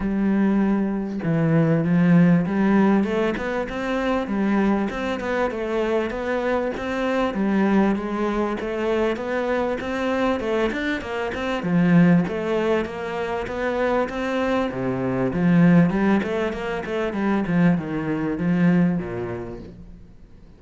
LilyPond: \new Staff \with { instrumentName = "cello" } { \time 4/4 \tempo 4 = 98 g2 e4 f4 | g4 a8 b8 c'4 g4 | c'8 b8 a4 b4 c'4 | g4 gis4 a4 b4 |
c'4 a8 d'8 ais8 c'8 f4 | a4 ais4 b4 c'4 | c4 f4 g8 a8 ais8 a8 | g8 f8 dis4 f4 ais,4 | }